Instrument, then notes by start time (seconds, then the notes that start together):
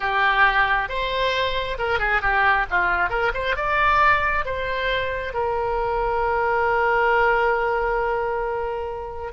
oboe
0.00 G4
0.88 C5
1.78 A#4
1.99 G#4
2.21 G4
2.70 F4
3.09 A#4
3.34 C5
3.56 D5
4.45 C5
5.33 A#4